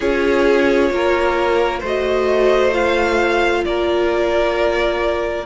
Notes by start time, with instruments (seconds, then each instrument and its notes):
0.00 cello C#4, viola F4, violin G#4 C#5
0.90 cello A#3, violin A#4
1.79 cello A3, viola F#4, violin C5
1.86 violin D#5
2.72 viola F4, violin F5
3.64 cello A#3, violin A#4 D5